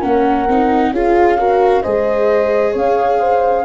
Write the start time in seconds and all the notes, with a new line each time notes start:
0.00 A#3 C#4 A#4 F#5
0.49 C4 D#4
0.91 C#4 F4 G#4 F5
1.38 F#4 A#4
1.83 G#3 G#4 C5 D#5
2.73 C#4 C#5 F5
3.20 C5